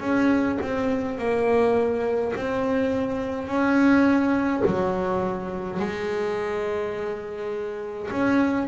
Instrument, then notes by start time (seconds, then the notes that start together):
double bass
0.00 C#4
0.61 C4
1.18 A#3
2.36 C4
3.47 C#4
4.66 F#3
5.79 G#3
8.11 C#4